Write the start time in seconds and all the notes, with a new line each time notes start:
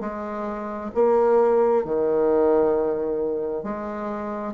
0.00 G#3
0.95 A#3
1.84 D#3
3.63 G#3